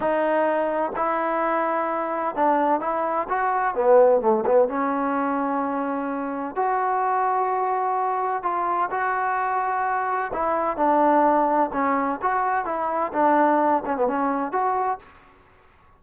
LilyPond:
\new Staff \with { instrumentName = "trombone" } { \time 4/4 \tempo 4 = 128 dis'2 e'2~ | e'4 d'4 e'4 fis'4 | b4 a8 b8 cis'2~ | cis'2 fis'2~ |
fis'2 f'4 fis'4~ | fis'2 e'4 d'4~ | d'4 cis'4 fis'4 e'4 | d'4. cis'16 b16 cis'4 fis'4 | }